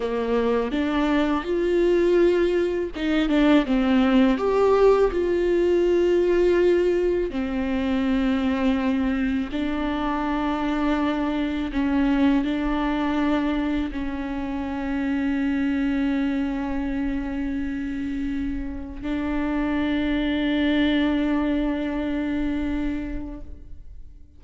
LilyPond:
\new Staff \with { instrumentName = "viola" } { \time 4/4 \tempo 4 = 82 ais4 d'4 f'2 | dis'8 d'8 c'4 g'4 f'4~ | f'2 c'2~ | c'4 d'2. |
cis'4 d'2 cis'4~ | cis'1~ | cis'2 d'2~ | d'1 | }